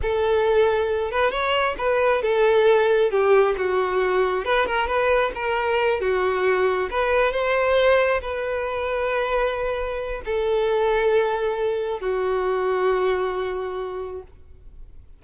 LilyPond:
\new Staff \with { instrumentName = "violin" } { \time 4/4 \tempo 4 = 135 a'2~ a'8 b'8 cis''4 | b'4 a'2 g'4 | fis'2 b'8 ais'8 b'4 | ais'4. fis'2 b'8~ |
b'8 c''2 b'4.~ | b'2. a'4~ | a'2. fis'4~ | fis'1 | }